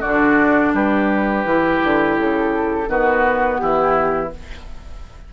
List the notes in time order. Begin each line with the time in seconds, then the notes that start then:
0.00 D3 D4 F#4 D5
0.73 G3 G4 B4
1.44 E3 E4
1.83 D3
2.18 C#3 A4
2.87 D#3 B3 F#4 B4
3.58 E3 E4 G4